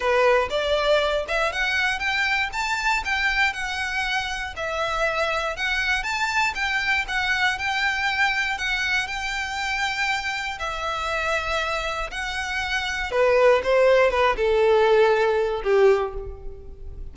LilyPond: \new Staff \with { instrumentName = "violin" } { \time 4/4 \tempo 4 = 119 b'4 d''4. e''8 fis''4 | g''4 a''4 g''4 fis''4~ | fis''4 e''2 fis''4 | a''4 g''4 fis''4 g''4~ |
g''4 fis''4 g''2~ | g''4 e''2. | fis''2 b'4 c''4 | b'8 a'2~ a'8 g'4 | }